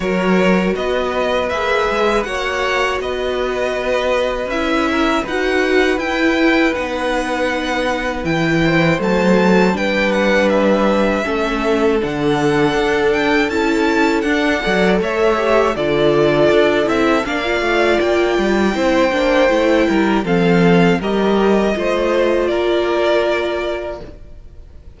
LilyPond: <<
  \new Staff \with { instrumentName = "violin" } { \time 4/4 \tempo 4 = 80 cis''4 dis''4 e''4 fis''4 | dis''2 e''4 fis''4 | g''4 fis''2 g''4 | a''4 g''8 fis''8 e''2 |
fis''4. g''8 a''4 fis''4 | e''4 d''4. e''8 f''4 | g''2. f''4 | dis''2 d''2 | }
  \new Staff \with { instrumentName = "violin" } { \time 4/4 ais'4 b'2 cis''4 | b'2~ b'8 ais'8 b'4~ | b'2.~ b'8 c''8~ | c''4 b'2 a'4~ |
a'2.~ a'8 d''8 | cis''4 a'2 d''4~ | d''4 c''4. ais'8 a'4 | ais'4 c''4 ais'2 | }
  \new Staff \with { instrumentName = "viola" } { \time 4/4 fis'2 gis'4 fis'4~ | fis'2 e'4 fis'4 | e'4 dis'2 e'4 | a4 d'2 cis'4 |
d'2 e'4 d'8 a'8~ | a'8 g'8 f'4. e'8 d'16 f'8.~ | f'4 e'8 d'8 e'4 c'4 | g'4 f'2. | }
  \new Staff \with { instrumentName = "cello" } { \time 4/4 fis4 b4 ais8 gis8 ais4 | b2 cis'4 dis'4 | e'4 b2 e4 | fis4 g2 a4 |
d4 d'4 cis'4 d'8 fis8 | a4 d4 d'8 c'8 ais8 a8 | ais8 g8 c'8 ais8 a8 g8 f4 | g4 a4 ais2 | }
>>